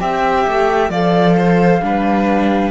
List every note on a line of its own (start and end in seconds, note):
0.00 0.46 C4
0.00 0.91 G4
0.00 0.91 E5
0.00 0.91 G5
0.48 0.90 A3
0.90 1.81 F3
0.90 1.82 A4
0.90 1.36 D5
0.90 2.72 F5
1.37 1.83 C5
1.82 2.72 G3
1.82 2.72 D4
1.82 2.72 B4